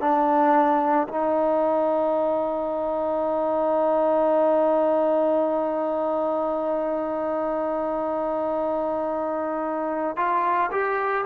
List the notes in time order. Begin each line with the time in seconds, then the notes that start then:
0.00 D4
1.08 D#4
10.16 F4
10.71 G4